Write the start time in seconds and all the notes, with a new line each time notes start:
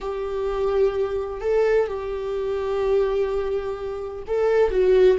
0.00 G4
1.40 A4
1.87 G4
4.27 A4
4.70 F#4